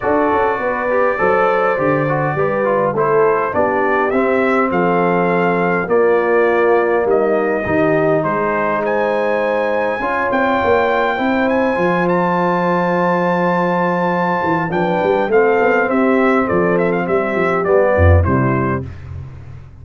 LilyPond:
<<
  \new Staff \with { instrumentName = "trumpet" } { \time 4/4 \tempo 4 = 102 d''1~ | d''4 c''4 d''4 e''4 | f''2 d''2 | dis''2 c''4 gis''4~ |
gis''4. g''2 gis''8~ | gis''8 a''2.~ a''8~ | a''4 g''4 f''4 e''4 | d''8 e''16 f''16 e''4 d''4 c''4 | }
  \new Staff \with { instrumentName = "horn" } { \time 4/4 a'4 b'4 c''2 | b'4 a'4 g'2 | a'2 f'2 | dis'4 g'4 gis'4 c''4~ |
c''4 cis''2 c''4~ | c''1~ | c''4 b'4 a'4 g'4 | a'4 g'4. f'8 e'4 | }
  \new Staff \with { instrumentName = "trombone" } { \time 4/4 fis'4. g'8 a'4 g'8 fis'8 | g'8 f'8 e'4 d'4 c'4~ | c'2 ais2~ | ais4 dis'2.~ |
dis'4 f'2 e'4 | f'1~ | f'4 d'4 c'2~ | c'2 b4 g4 | }
  \new Staff \with { instrumentName = "tuba" } { \time 4/4 d'8 cis'8 b4 fis4 d4 | g4 a4 b4 c'4 | f2 ais2 | g4 dis4 gis2~ |
gis4 cis'8 c'8 ais4 c'4 | f1~ | f8 e8 f8 g8 a8 b8 c'4 | f4 g8 f8 g8 f,8 c4 | }
>>